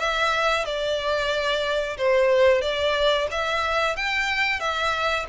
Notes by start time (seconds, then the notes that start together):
0.00 E5
0.66 D5
1.98 C5
2.62 D5
3.31 E5
3.97 G5
4.60 E5